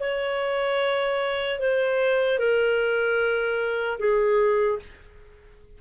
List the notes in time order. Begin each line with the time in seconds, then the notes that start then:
0.00 C#5
1.60 C5
2.39 A#4
3.99 G#4